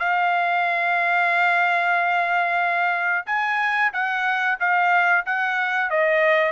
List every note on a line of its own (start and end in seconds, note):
0.00 3.26 F5
3.26 3.92 G#5
3.93 4.59 F#5
4.60 5.26 F5
5.26 5.91 F#5
5.91 6.52 D#5